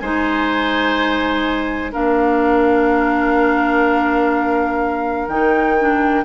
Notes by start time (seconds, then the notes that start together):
0.00 G#3 D#4 C5 G#5
1.93 A#3 D4 A#4 F5
5.28 D#3 D#4 G5
5.79 D4